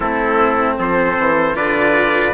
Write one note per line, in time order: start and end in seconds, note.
0.00 0.78 A3
0.00 1.54 C4
0.00 0.76 E4
0.00 0.77 A4
0.78 1.17 F3
0.78 1.56 A4
0.78 1.56 C5
1.18 1.55 E3
1.54 2.33 D3
1.54 2.32 F4
1.54 2.33 B4
1.54 2.33 D5